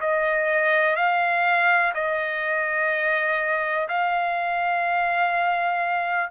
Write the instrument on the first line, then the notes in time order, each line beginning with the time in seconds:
trumpet
0.00 D#5
0.95 F5
1.94 D#5
3.88 F5